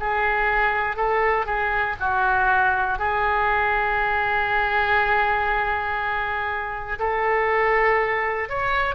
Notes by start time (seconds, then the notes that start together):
0.00 G#4
0.96 A4
1.46 G#4
2.00 F#4
2.98 G#4
6.99 A4
8.49 C#5